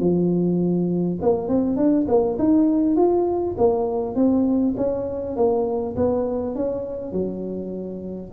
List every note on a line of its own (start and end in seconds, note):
0.00 1.19 F3
1.22 1.49 A#3
1.49 1.77 C4
1.77 2.07 D4
2.09 2.38 A#3
2.39 2.97 D#4
2.97 3.56 F4
3.58 4.16 A#3
4.16 4.75 C4
4.77 5.37 C#4
5.37 5.96 A#3
5.96 6.56 B3
6.56 7.13 C#4
7.13 8.31 F#3